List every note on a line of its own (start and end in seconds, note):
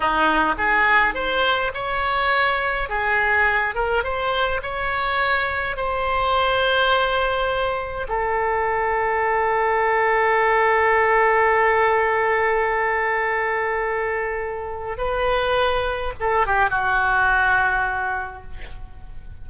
0.00 0.55 D#4
0.57 1.14 G#4
1.14 1.72 C5
1.74 2.89 C#5
2.89 3.74 G#4
3.74 4.03 A#4
4.03 4.61 C5
4.62 5.76 C#5
5.76 8.07 C5
8.08 14.97 A4
14.97 16.13 B4
16.20 16.46 A4
16.46 16.70 G4
16.70 18.43 F#4